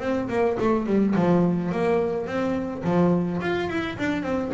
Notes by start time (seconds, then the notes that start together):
0.00 C4
0.29 A#3
0.60 A3
0.86 G3
1.16 F3
1.72 A#3
2.27 C4
2.84 F3
3.41 F4
3.69 E4
3.99 D4
4.23 C4